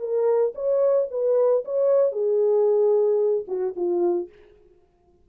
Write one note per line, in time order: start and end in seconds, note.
0.00 0.53 A#4
0.55 1.08 C#5
1.11 1.64 B4
1.65 2.12 C#5
2.12 3.44 G#4
3.48 3.74 F#4
3.76 4.29 F4